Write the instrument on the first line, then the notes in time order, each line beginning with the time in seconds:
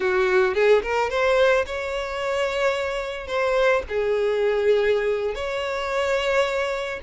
violin
0.00 F#4
0.54 G#4
0.82 A#4
1.10 C5
1.66 C#5
3.27 C5
3.88 G#4
5.34 C#5